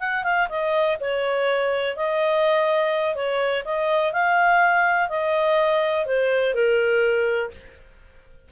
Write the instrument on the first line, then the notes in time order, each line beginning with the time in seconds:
clarinet
0.00 F#5
0.24 F5
0.49 D#5
1.00 C#5
1.96 D#5
3.15 C#5
3.65 D#5
4.13 F5
5.09 D#5
6.06 C5
6.54 A#4